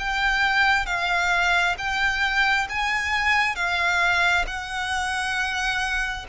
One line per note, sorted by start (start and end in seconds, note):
0.00 0.87 G5
0.87 1.76 F5
1.78 2.68 G5
2.70 3.56 G#5
3.56 4.46 F5
4.47 6.26 F#5